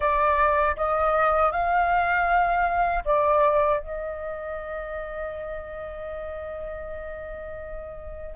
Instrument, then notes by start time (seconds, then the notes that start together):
flute
0.00 D5
0.76 D#5
1.51 F5
3.04 D5
3.79 D#5